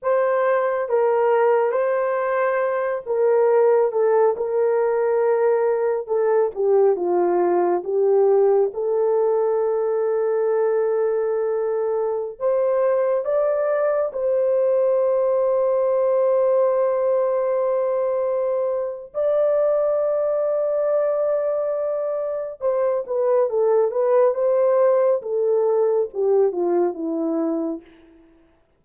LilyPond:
\new Staff \with { instrumentName = "horn" } { \time 4/4 \tempo 4 = 69 c''4 ais'4 c''4. ais'8~ | ais'8 a'8 ais'2 a'8 g'8 | f'4 g'4 a'2~ | a'2~ a'16 c''4 d''8.~ |
d''16 c''2.~ c''8.~ | c''2 d''2~ | d''2 c''8 b'8 a'8 b'8 | c''4 a'4 g'8 f'8 e'4 | }